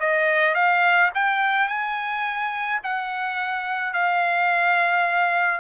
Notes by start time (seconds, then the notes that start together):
0.00 D#5
0.55 F5
1.15 G5
1.68 G#5
2.84 F#5
3.93 F5